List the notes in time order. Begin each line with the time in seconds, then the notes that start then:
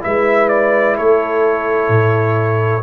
0.00 G#3 E4 B4 E5
0.49 D5
0.97 A3 A4 C#5
1.89 A2